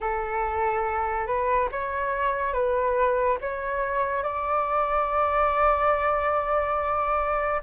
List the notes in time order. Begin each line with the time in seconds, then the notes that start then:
0.00 A4
1.26 B4
1.71 C#5
2.53 B4
3.41 C#5
4.23 D5